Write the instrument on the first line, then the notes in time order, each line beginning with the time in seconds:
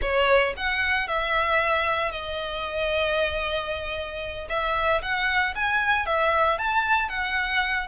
violin
0.01 C#5
0.56 F#5
1.07 E5
2.11 D#5
4.49 E5
5.01 F#5
5.55 G#5
6.06 E5
6.58 A5
7.08 F#5